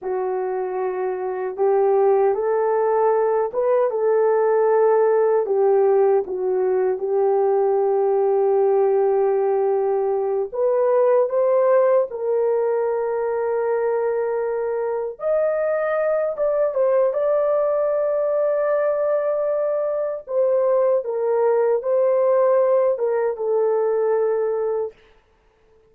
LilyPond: \new Staff \with { instrumentName = "horn" } { \time 4/4 \tempo 4 = 77 fis'2 g'4 a'4~ | a'8 b'8 a'2 g'4 | fis'4 g'2.~ | g'4. b'4 c''4 ais'8~ |
ais'2.~ ais'8 dis''8~ | dis''4 d''8 c''8 d''2~ | d''2 c''4 ais'4 | c''4. ais'8 a'2 | }